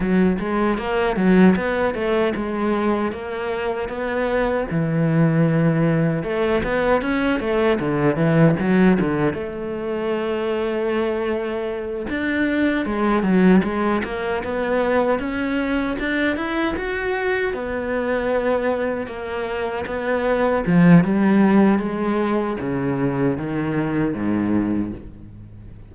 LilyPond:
\new Staff \with { instrumentName = "cello" } { \time 4/4 \tempo 4 = 77 fis8 gis8 ais8 fis8 b8 a8 gis4 | ais4 b4 e2 | a8 b8 cis'8 a8 d8 e8 fis8 d8 | a2.~ a8 d'8~ |
d'8 gis8 fis8 gis8 ais8 b4 cis'8~ | cis'8 d'8 e'8 fis'4 b4.~ | b8 ais4 b4 f8 g4 | gis4 cis4 dis4 gis,4 | }